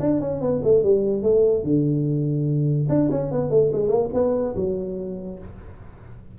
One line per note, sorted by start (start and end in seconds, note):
0.00 0.21 D4
0.21 0.41 C#4
0.41 0.62 B3
0.64 0.83 A3
0.83 1.23 G3
1.23 1.64 A3
1.64 2.88 D3
2.89 3.10 D4
3.11 3.31 C#4
3.32 3.50 B3
3.50 3.71 A3
3.73 3.89 G#3
3.89 4.09 A#3
4.14 4.55 B3
4.56 5.39 F#3